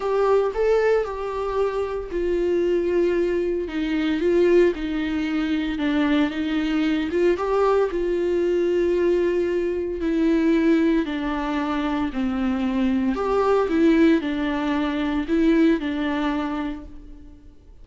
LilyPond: \new Staff \with { instrumentName = "viola" } { \time 4/4 \tempo 4 = 114 g'4 a'4 g'2 | f'2. dis'4 | f'4 dis'2 d'4 | dis'4. f'8 g'4 f'4~ |
f'2. e'4~ | e'4 d'2 c'4~ | c'4 g'4 e'4 d'4~ | d'4 e'4 d'2 | }